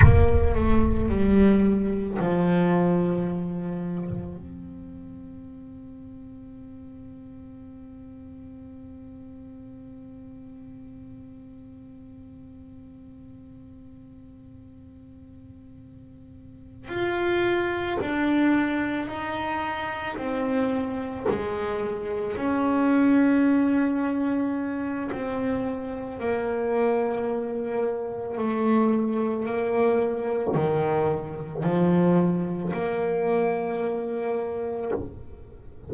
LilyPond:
\new Staff \with { instrumentName = "double bass" } { \time 4/4 \tempo 4 = 55 ais8 a8 g4 f2 | c'1~ | c'1~ | c'2.~ c'8 f'8~ |
f'8 d'4 dis'4 c'4 gis8~ | gis8 cis'2~ cis'8 c'4 | ais2 a4 ais4 | dis4 f4 ais2 | }